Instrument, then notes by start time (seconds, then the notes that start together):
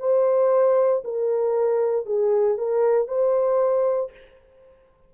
horn
0.00 C5
1.05 A#4
2.06 G#4
2.58 A#4
3.08 C5